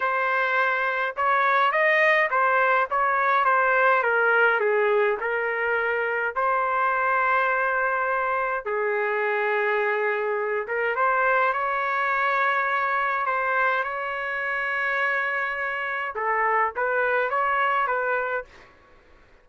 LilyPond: \new Staff \with { instrumentName = "trumpet" } { \time 4/4 \tempo 4 = 104 c''2 cis''4 dis''4 | c''4 cis''4 c''4 ais'4 | gis'4 ais'2 c''4~ | c''2. gis'4~ |
gis'2~ gis'8 ais'8 c''4 | cis''2. c''4 | cis''1 | a'4 b'4 cis''4 b'4 | }